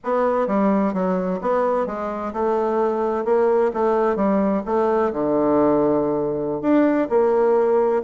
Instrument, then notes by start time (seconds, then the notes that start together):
bassoon
0.04 B3
0.47 G3
0.93 F#3
1.41 B3
1.86 G#3
2.33 A3
3.24 A#3
3.73 A3
4.15 G3
4.65 A3
5.12 D3
6.61 D4
7.09 A#3